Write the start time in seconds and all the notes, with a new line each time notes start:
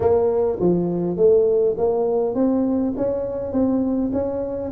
0.00 A#3
0.60 F3
1.17 A3
1.77 A#3
2.34 C4
2.96 C#4
3.52 C4
4.12 C#4